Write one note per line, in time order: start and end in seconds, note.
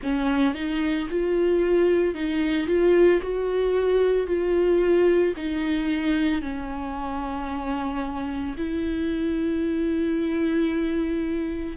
0.02 0.54 C#4
0.54 1.08 D#4
1.10 2.14 F4
2.14 2.66 D#4
2.66 3.20 F4
3.21 4.26 F#4
4.26 5.33 F4
5.36 6.41 D#4
6.41 8.55 C#4
8.57 11.76 E4